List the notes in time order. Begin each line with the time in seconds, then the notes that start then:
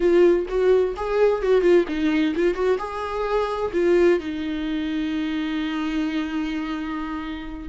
0.00 F4
0.48 F#4
0.96 G#4
1.42 F#4
1.61 F4
1.87 D#4
2.35 F4
2.54 F#4
2.78 G#4
3.73 F4
4.19 D#4